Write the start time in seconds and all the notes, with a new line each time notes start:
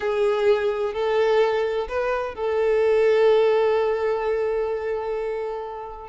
0.00 G#4
0.93 A4
1.88 B4
2.34 A4